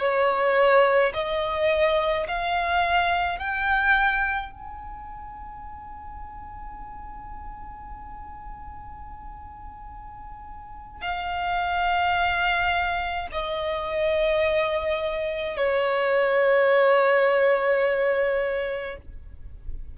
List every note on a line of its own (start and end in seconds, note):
0.00 1.13 C#5
1.14 2.27 D#5
2.28 3.39 F5
3.39 4.52 G5
4.52 11.01 G#5
11.01 13.28 F5
13.32 15.57 D#5
15.57 18.97 C#5